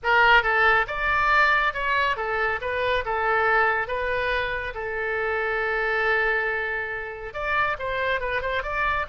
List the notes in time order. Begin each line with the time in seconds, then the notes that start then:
0.03 A#4
0.43 A4
0.87 D5
1.73 C#5
2.16 A4
2.61 B4
3.05 A4
3.87 B4
4.74 A4
7.33 D5
7.78 C5
8.20 B4
8.41 C5
8.63 D5